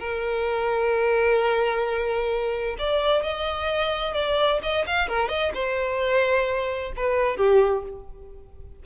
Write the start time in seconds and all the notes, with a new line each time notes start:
0.00 A#4
2.79 D5
3.23 D#5
4.14 D5
4.63 D#5
4.87 F5
5.09 A#4
5.29 D#5
5.54 C5
6.97 B4
7.37 G4